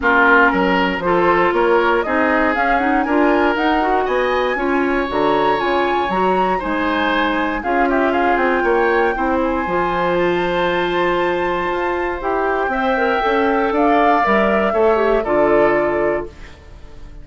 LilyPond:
<<
  \new Staff \with { instrumentName = "flute" } { \time 4/4 \tempo 4 = 118 ais'2 c''4 cis''4 | dis''4 f''8 fis''8 gis''4 fis''4 | gis''2 ais''4 gis''4 | ais''4 gis''2 f''8 e''8 |
f''8 g''2 gis''4. | a''1 | g''2. f''4 | e''2 d''2 | }
  \new Staff \with { instrumentName = "oboe" } { \time 4/4 f'4 ais'4 a'4 ais'4 | gis'2 ais'2 | dis''4 cis''2.~ | cis''4 c''2 gis'8 g'8 |
gis'4 cis''4 c''2~ | c''1~ | c''4 e''2 d''4~ | d''4 cis''4 a'2 | }
  \new Staff \with { instrumentName = "clarinet" } { \time 4/4 cis'2 f'2 | dis'4 cis'8 dis'8 f'4 dis'8 fis'8~ | fis'4 f'4 fis'4 f'4 | fis'4 dis'2 f'4~ |
f'2 e'4 f'4~ | f'1 | g'4 c''8 ais'8 a'2 | ais'4 a'8 g'8 f'2 | }
  \new Staff \with { instrumentName = "bassoon" } { \time 4/4 ais4 fis4 f4 ais4 | c'4 cis'4 d'4 dis'4 | b4 cis'4 d4 cis4 | fis4 gis2 cis'4~ |
cis'8 c'8 ais4 c'4 f4~ | f2. f'4 | e'4 c'4 cis'4 d'4 | g4 a4 d2 | }
>>